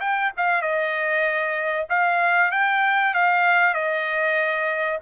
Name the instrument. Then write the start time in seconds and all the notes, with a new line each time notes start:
trumpet
0.00 G5
0.37 F5
0.61 D#5
1.89 F5
2.51 G5
3.14 F5
3.74 D#5